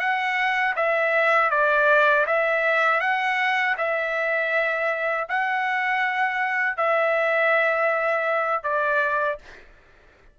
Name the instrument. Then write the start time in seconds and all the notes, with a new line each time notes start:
trumpet
0.00 F#5
0.76 E5
1.51 D5
2.27 E5
3.01 F#5
3.78 E5
5.29 F#5
6.77 E5
8.64 D5